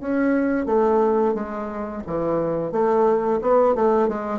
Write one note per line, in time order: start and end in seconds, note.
0.00 0.66 C#4
0.66 1.34 A3
1.34 2.02 G#3
2.06 2.71 E3
2.71 3.40 A3
3.41 3.75 B3
3.75 4.08 A3
4.08 4.39 G#3